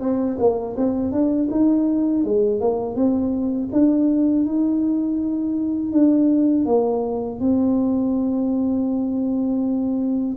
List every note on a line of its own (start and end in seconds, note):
0.00 0.37 C4
0.38 0.75 A#3
0.76 1.11 C4
1.11 1.48 D4
1.50 2.24 D#4
2.24 2.60 G#3
2.60 2.95 A#3
2.95 3.69 C4
3.72 4.45 D4
4.45 5.92 D#4
5.92 6.65 D4
6.65 7.39 A#3
7.40 10.36 C4